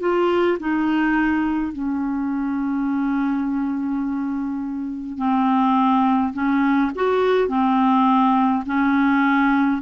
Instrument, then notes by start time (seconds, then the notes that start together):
clarinet
0.00 F4
0.59 D#4
1.73 C#4
5.17 C4
6.33 C#4
6.95 F#4
7.48 C4
8.65 C#4